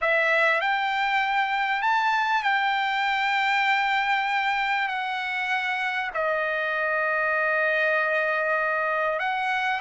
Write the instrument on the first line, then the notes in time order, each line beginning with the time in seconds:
trumpet
0.01 E5
0.60 G5
1.82 A5
2.43 G5
4.88 F#5
6.14 D#5
9.19 F#5